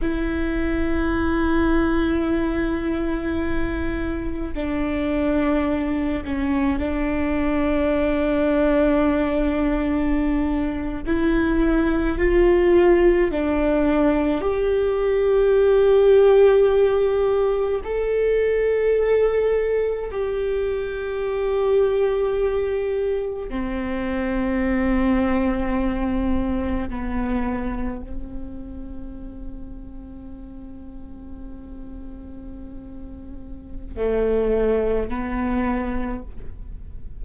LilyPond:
\new Staff \with { instrumentName = "viola" } { \time 4/4 \tempo 4 = 53 e'1 | d'4. cis'8 d'2~ | d'4.~ d'16 e'4 f'4 d'16~ | d'8. g'2. a'16~ |
a'4.~ a'16 g'2~ g'16~ | g'8. c'2. b16~ | b8. c'2.~ c'16~ | c'2 a4 b4 | }